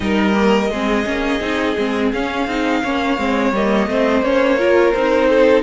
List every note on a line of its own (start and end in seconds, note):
0.00 0.70 G3
0.00 0.33 D#4
0.00 0.70 A#4
0.00 2.09 D#5
0.33 0.68 A#3
0.70 1.05 G#3
0.70 1.04 C4
0.70 2.82 G#4
1.04 1.40 A#3
1.04 1.40 C#4
1.40 1.75 C4
1.40 1.75 D#4
1.78 2.12 G#3
1.78 2.13 C4
2.12 2.46 C#4
2.12 2.48 C#4
2.12 3.53 F5
2.46 2.82 C4
2.46 2.83 D#4
2.83 3.18 A#3
2.83 3.17 C#4
2.83 3.89 C#5
3.17 3.52 G#3
3.17 3.52 C4
3.52 3.86 G3
3.52 3.88 A#3
3.52 4.23 D#5
3.86 4.22 A3
3.86 4.23 C4
3.86 4.59 C5
4.22 4.92 A#3
4.22 4.58 C#4
4.22 4.92 C#5
4.58 4.93 F4
4.58 5.29 A#4
4.92 5.63 C4
4.92 5.63 D#4
4.92 5.62 C5
5.29 5.63 A4